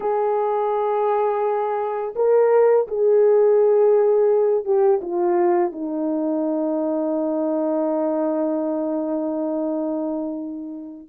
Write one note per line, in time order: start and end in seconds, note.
0.00 2.14 G#4
2.15 2.87 A#4
2.87 4.64 G#4
4.64 5.00 G4
5.01 5.71 F4
5.71 11.07 D#4